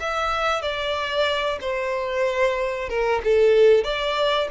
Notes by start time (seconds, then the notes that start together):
0.00 E5
0.62 D5
1.61 C5
2.89 A#4
3.24 A4
3.84 D5